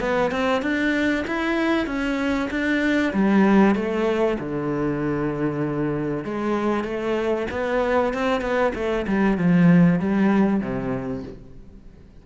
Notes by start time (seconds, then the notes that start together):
0.00 B3
0.31 C4
0.62 D4
1.27 E4
1.86 C#4
2.50 D4
3.13 G3
3.75 A3
4.39 D3
6.24 G#3
6.84 A3
7.51 B3
8.13 C4
8.41 B3
8.74 A3
9.07 G3
9.38 F3
9.99 G3
10.60 C3